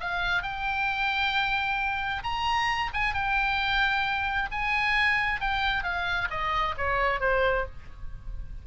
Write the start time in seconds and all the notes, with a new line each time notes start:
0.00 F5
0.42 G5
2.23 A#5
2.93 G#5
3.14 G5
4.51 G#5
5.40 G5
5.83 F5
6.30 D#5
6.77 C#5
7.20 C5